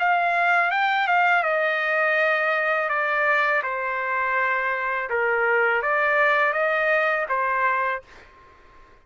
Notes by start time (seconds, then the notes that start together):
0.00 F5
0.71 G5
1.08 F5
1.43 D#5
2.89 D5
3.63 C5
5.10 A#4
5.83 D5
6.53 D#5
7.29 C5